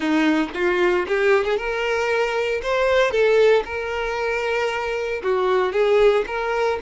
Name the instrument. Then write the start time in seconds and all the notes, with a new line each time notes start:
violin
0.00 D#4
0.54 F4
1.07 G4
1.44 G#4
1.57 A#4
2.62 C5
3.11 A4
3.65 A#4
5.22 F#4
5.72 G#4
6.27 A#4